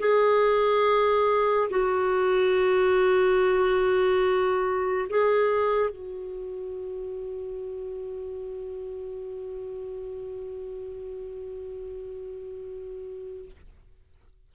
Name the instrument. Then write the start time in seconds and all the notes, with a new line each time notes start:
clarinet
0.00 G#4
1.70 F#4
5.10 G#4
5.90 F#4